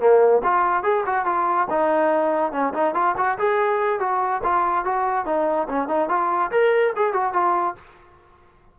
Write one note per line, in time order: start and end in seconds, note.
0.00 0.42 A#3
0.44 0.83 F4
0.83 1.04 G#4
1.06 1.26 F#4
1.26 1.68 F4
1.70 2.52 D#4
2.52 2.73 C#4
2.74 2.95 D#4
2.95 3.16 F4
3.17 3.38 F#4
3.39 4.00 G#4
4.00 4.42 F#4
4.44 4.85 F4
4.85 5.26 F#4
5.26 5.68 D#4
5.69 5.88 C#4
5.88 6.09 D#4
6.09 6.51 F4
6.52 6.94 A#4
6.96 7.13 G#4
7.13 7.34 F#4
7.34 7.76 F4